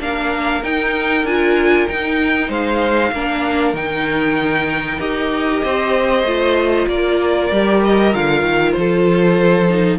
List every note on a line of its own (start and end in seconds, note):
0.00 0.63 A#3
0.00 0.62 D4
0.00 2.49 A#4
0.00 0.64 F5
0.63 1.24 D#4
0.63 1.27 D#4
0.63 1.26 G5
1.24 1.86 D4
1.24 1.89 F4
1.24 1.88 G#5
1.88 3.14 D#4
1.88 2.49 D#4
1.88 2.51 G5
2.49 3.12 G#3
2.49 3.12 C5
2.49 3.76 F5
3.12 3.74 A#3
3.12 3.76 D4
3.12 5.63 A#4
3.74 4.99 D#3
3.74 5.00 D#4
3.74 5.01 G5
5.00 5.62 D#4
5.00 6.25 G4
5.00 6.88 D#5
5.63 6.24 C4
5.63 6.88 C5
6.24 6.86 A3
6.24 7.52 F4
6.87 7.50 A#3
6.87 8.77 A#4
6.87 7.83 D5
7.52 8.15 G3
7.52 8.12 G4
7.85 8.15 D#5
8.12 8.42 D3
8.12 9.69 F4
8.12 8.72 F5
8.42 8.74 D#3
8.72 9.99 F3
8.72 9.97 C5
8.79 9.99 A4
9.70 9.99 D#4